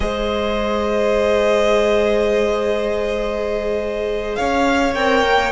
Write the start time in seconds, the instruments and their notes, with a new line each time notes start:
0.00 cello G#3, viola G#4, violin C5 D#5
4.35 cello C#4, violin C#5 F5
4.94 cello C4, viola A#4, violin G5
5.23 cello A#3